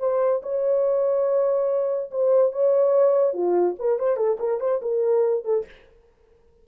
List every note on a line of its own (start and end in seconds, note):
0.00 0.42 C5
0.43 2.11 C#5
2.11 2.53 C5
2.53 3.34 C#5
3.34 3.76 F4
3.79 3.99 A#4
3.99 4.17 C5
4.17 4.38 A4
4.40 4.61 A#4
4.61 4.82 C5
4.82 5.45 A#4
5.45 5.66 A4